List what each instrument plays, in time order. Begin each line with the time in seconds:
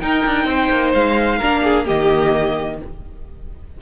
0.00 viola D#4, cello D#4, violin A#4 G5
0.26 cello D4
0.45 cello C4, violin C5
0.71 cello A#3
0.94 cello G#3, violin F5
1.38 cello A#3, viola D4, violin A#4
1.64 violin G#4
1.86 cello D#3, viola A#3, violin G4 D#5